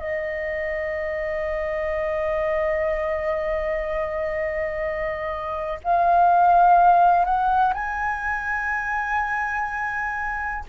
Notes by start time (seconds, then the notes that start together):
0.00 D#5
5.84 F5
7.26 F#5
7.75 G#5